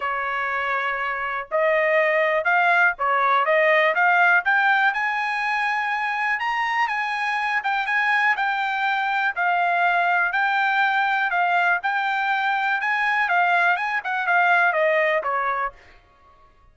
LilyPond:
\new Staff \with { instrumentName = "trumpet" } { \time 4/4 \tempo 4 = 122 cis''2. dis''4~ | dis''4 f''4 cis''4 dis''4 | f''4 g''4 gis''2~ | gis''4 ais''4 gis''4. g''8 |
gis''4 g''2 f''4~ | f''4 g''2 f''4 | g''2 gis''4 f''4 | gis''8 fis''8 f''4 dis''4 cis''4 | }